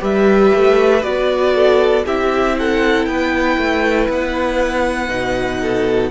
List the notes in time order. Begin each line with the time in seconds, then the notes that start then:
0.00 G3 G4 B4 E5
0.55 A3
1.02 B3 F#4 D5
1.55 A4
2.06 C4 E4 G4 E5
2.59 A4 F#5
3.06 B3 B4 G5
3.58 A3
4.09 B3 F#5
5.08 B2 D#4
5.60 A4